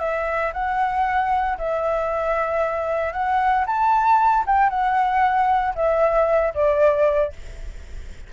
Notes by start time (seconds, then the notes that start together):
0.00 E5
0.54 F#5
1.58 E5
3.13 F#5
3.66 A5
4.46 G5
4.70 F#5
5.76 E5
6.55 D5